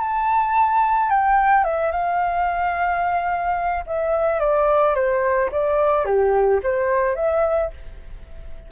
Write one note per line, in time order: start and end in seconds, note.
0.00 1.09 A5
1.09 1.64 G5
1.64 1.91 E5
1.91 3.84 F5
3.86 4.40 E5
4.40 4.95 D5
4.95 5.50 C5
5.51 6.05 D5
6.05 6.60 G4
6.63 7.15 C5
7.15 7.70 E5